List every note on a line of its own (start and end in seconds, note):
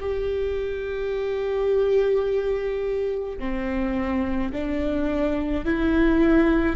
0.00 3.39 G4
3.39 4.52 C4
4.52 5.65 D4
5.65 6.76 E4